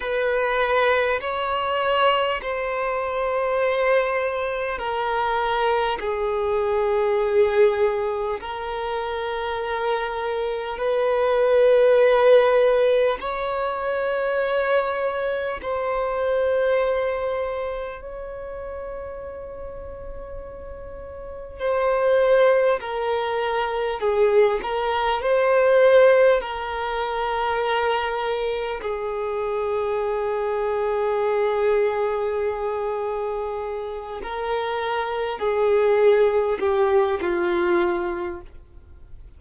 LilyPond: \new Staff \with { instrumentName = "violin" } { \time 4/4 \tempo 4 = 50 b'4 cis''4 c''2 | ais'4 gis'2 ais'4~ | ais'4 b'2 cis''4~ | cis''4 c''2 cis''4~ |
cis''2 c''4 ais'4 | gis'8 ais'8 c''4 ais'2 | gis'1~ | gis'8 ais'4 gis'4 g'8 f'4 | }